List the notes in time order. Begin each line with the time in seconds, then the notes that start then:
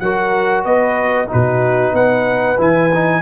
0.00 F#3 F#4 A#4 F#5
0.65 B3 B4 D#5
1.28 D#4 F#4 B4
1.34 B2
1.93 B3 B4 F#5
2.58 E3 E4 G#5
2.94 D#4